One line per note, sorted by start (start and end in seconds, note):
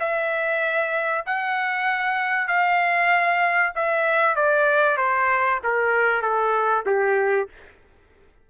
0.00 1.25 E5
1.26 2.48 F#5
2.48 3.73 F5
3.75 4.36 E5
4.36 4.97 D5
4.97 5.60 C5
5.64 6.22 A#4
6.22 6.84 A4
6.86 7.49 G4